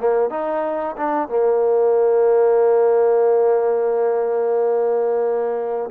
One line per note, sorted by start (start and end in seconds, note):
0.00 0.30 A#3
0.30 0.96 D#4
0.98 1.29 D4
1.29 5.90 A#3